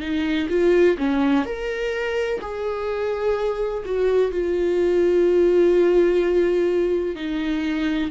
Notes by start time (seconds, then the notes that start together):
0.00 D#4
0.49 F4
0.97 C#4
1.45 A#4
2.41 G#4
3.85 F#4
4.31 F4
7.16 D#4